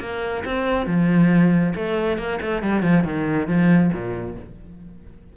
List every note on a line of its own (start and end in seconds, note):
0.00 0.43 A#3
0.45 0.87 C4
0.87 1.74 F3
1.75 2.18 A3
2.18 2.40 A#3
2.41 2.63 A3
2.63 2.82 G3
2.82 3.04 F3
3.04 3.48 D#3
3.48 3.91 F3
3.93 4.37 A#2